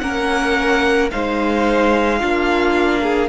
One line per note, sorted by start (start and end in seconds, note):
0.00 1.11 A#3
0.00 1.11 C#4
0.00 1.11 A#4
0.00 1.09 F#5
1.11 2.23 G#3
1.11 2.20 D#4
1.11 2.20 C5
1.11 3.29 F5
2.20 3.29 A#3
2.20 3.29 D4
2.20 3.01 F4
3.03 3.29 G#4